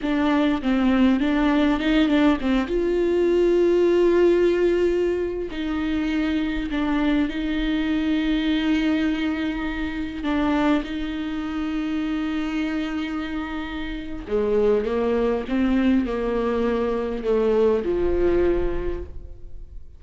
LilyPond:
\new Staff \with { instrumentName = "viola" } { \time 4/4 \tempo 4 = 101 d'4 c'4 d'4 dis'8 d'8 | c'8 f'2.~ f'8~ | f'4~ f'16 dis'2 d'8.~ | d'16 dis'2.~ dis'8.~ |
dis'4~ dis'16 d'4 dis'4.~ dis'16~ | dis'1 | gis4 ais4 c'4 ais4~ | ais4 a4 f2 | }